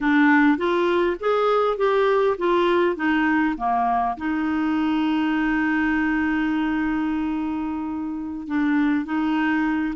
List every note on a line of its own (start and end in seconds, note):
0.01 0.57 D4
0.57 1.16 F4
1.20 1.77 G#4
1.77 2.36 G4
2.38 2.95 F4
2.95 3.55 D#4
3.57 4.16 A#3
4.17 8.47 D#4
8.47 9.05 D4
9.05 9.94 D#4